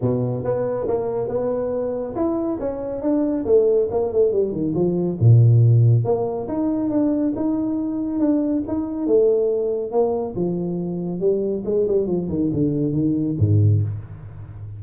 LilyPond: \new Staff \with { instrumentName = "tuba" } { \time 4/4 \tempo 4 = 139 b,4 b4 ais4 b4~ | b4 e'4 cis'4 d'4 | a4 ais8 a8 g8 dis8 f4 | ais,2 ais4 dis'4 |
d'4 dis'2 d'4 | dis'4 a2 ais4 | f2 g4 gis8 g8 | f8 dis8 d4 dis4 gis,4 | }